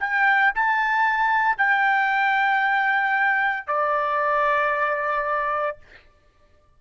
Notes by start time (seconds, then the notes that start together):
0.00 G5
0.55 A5
1.58 G5
3.67 D5